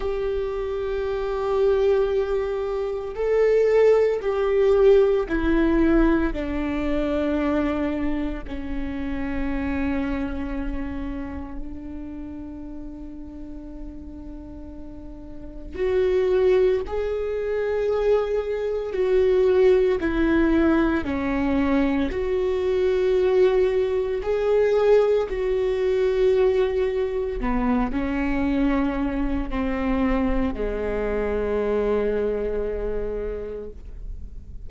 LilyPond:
\new Staff \with { instrumentName = "viola" } { \time 4/4 \tempo 4 = 57 g'2. a'4 | g'4 e'4 d'2 | cis'2. d'4~ | d'2. fis'4 |
gis'2 fis'4 e'4 | cis'4 fis'2 gis'4 | fis'2 b8 cis'4. | c'4 gis2. | }